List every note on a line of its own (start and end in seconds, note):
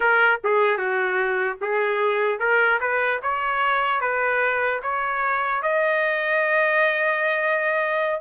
0.00 0.40 A#4
0.44 0.77 G#4
0.77 1.57 F#4
1.61 2.39 G#4
2.39 2.79 A#4
2.80 3.20 B4
3.22 4.00 C#5
4.00 4.80 B4
4.82 5.62 C#5
5.62 8.20 D#5